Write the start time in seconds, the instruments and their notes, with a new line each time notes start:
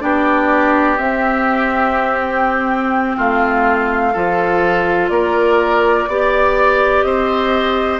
0.00 bassoon B3, clarinet D4, oboe G4, flute D5
0.98 clarinet C4, bassoon C4, flute E5
2.20 flute G5
3.17 bassoon A3, oboe F4, flute F5
4.13 bassoon F3, clarinet F4, oboe A4
5.09 bassoon A#3, oboe A#4, flute D5
6.08 bassoon B3, clarinet G4, oboe D5
7.03 bassoon C4, oboe C5, flute D#5